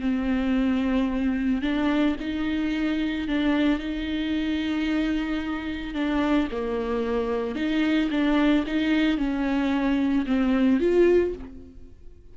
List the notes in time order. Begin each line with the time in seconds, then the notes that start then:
0.00 C4
1.62 D4
2.20 D#4
3.28 D4
3.79 D#4
5.94 D4
6.51 A#3
7.55 D#4
8.10 D4
8.66 D#4
9.17 C#4
10.26 C4
10.79 F4